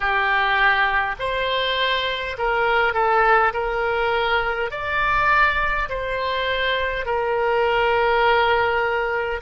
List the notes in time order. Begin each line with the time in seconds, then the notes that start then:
0.00 G4
1.19 C5
2.38 A#4
2.94 A4
3.53 A#4
4.71 D5
5.89 C5
7.05 A#4